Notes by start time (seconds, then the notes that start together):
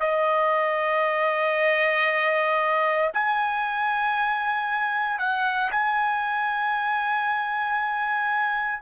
0.00 D#5
3.13 G#5
5.19 F#5
5.71 G#5